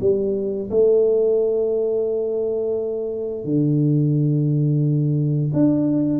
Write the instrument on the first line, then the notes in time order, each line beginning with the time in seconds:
tuba
0.00 G3
0.70 A3
3.44 D3
5.53 D4